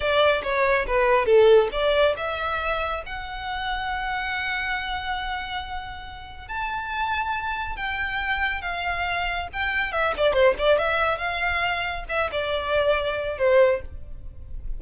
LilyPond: \new Staff \with { instrumentName = "violin" } { \time 4/4 \tempo 4 = 139 d''4 cis''4 b'4 a'4 | d''4 e''2 fis''4~ | fis''1~ | fis''2. a''4~ |
a''2 g''2 | f''2 g''4 e''8 d''8 | c''8 d''8 e''4 f''2 | e''8 d''2~ d''8 c''4 | }